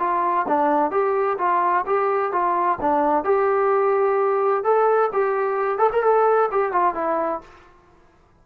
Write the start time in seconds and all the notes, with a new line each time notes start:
0.00 F4
0.48 D4
0.91 G4
1.39 F4
1.86 G4
2.33 F4
2.81 D4
3.25 G4
4.64 A4
5.13 G4
5.79 A4
5.93 A#4
6.03 A4
6.52 G4
6.73 F4
6.95 E4